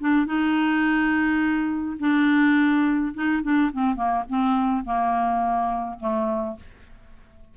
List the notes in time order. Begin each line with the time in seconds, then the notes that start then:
0.00 D4
0.26 D#4
1.99 D4
3.14 D#4
3.42 D4
3.73 C4
3.95 A#3
4.29 C4
4.84 A#3
5.99 A3